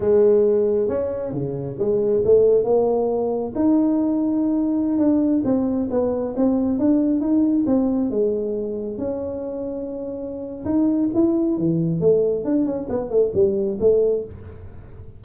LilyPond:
\new Staff \with { instrumentName = "tuba" } { \time 4/4 \tempo 4 = 135 gis2 cis'4 cis4 | gis4 a4 ais2 | dis'2.~ dis'16 d'8.~ | d'16 c'4 b4 c'4 d'8.~ |
d'16 dis'4 c'4 gis4.~ gis16~ | gis16 cis'2.~ cis'8. | dis'4 e'4 e4 a4 | d'8 cis'8 b8 a8 g4 a4 | }